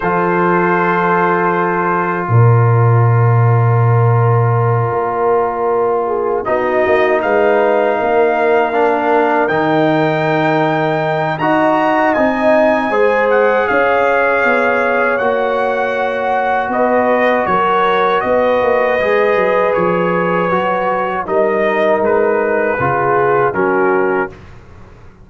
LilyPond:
<<
  \new Staff \with { instrumentName = "trumpet" } { \time 4/4 \tempo 4 = 79 c''2. d''4~ | d''1~ | d''8 dis''4 f''2~ f''8~ | f''8 g''2~ g''8 ais''4 |
gis''4. fis''8 f''2 | fis''2 dis''4 cis''4 | dis''2 cis''2 | dis''4 b'2 ais'4 | }
  \new Staff \with { instrumentName = "horn" } { \time 4/4 a'2. ais'4~ | ais'1 | gis'8 fis'4 b'4 ais'4.~ | ais'2. dis''4~ |
dis''4 c''4 cis''2~ | cis''2 b'4 ais'4 | b'1 | ais'2 gis'4 fis'4 | }
  \new Staff \with { instrumentName = "trombone" } { \time 4/4 f'1~ | f'1~ | f'8 dis'2. d'8~ | d'8 dis'2~ dis'8 fis'4 |
dis'4 gis'2. | fis'1~ | fis'4 gis'2 fis'4 | dis'2 f'4 cis'4 | }
  \new Staff \with { instrumentName = "tuba" } { \time 4/4 f2. ais,4~ | ais,2~ ais,8 ais4.~ | ais8 b8 ais8 gis4 ais4.~ | ais8 dis2~ dis8 dis'4 |
c'4 gis4 cis'4 b4 | ais2 b4 fis4 | b8 ais8 gis8 fis8 f4 fis4 | g4 gis4 cis4 fis4 | }
>>